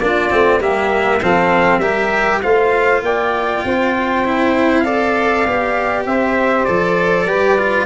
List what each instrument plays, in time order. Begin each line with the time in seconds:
0.00 tuba A#3, cello D4, saxophone F4, trumpet D5
0.31 tuba A3, cello C4
0.60 tuba G3, cello A#3, saxophone G4, trumpet E5
1.22 tuba F3, cello C4, saxophone A4, trumpet F5
1.79 tuba G3, cello G4, saxophone A#4, trumpet E5
2.43 tuba A3, cello F4, saxophone C5, trumpet F5
3.03 tuba A#3, saxophone D5, trumpet G5
3.65 tuba C4, saxophone C5
4.25 cello E4
4.81 cello A4, saxophone D5, trumpet F5
5.47 tuba B3, cello G4
6.06 tuba C4, saxophone C5, trumpet E5
6.65 tuba F3, cello A4, trumpet D5
7.26 tuba G3, cello G4, saxophone B4
7.59 cello F4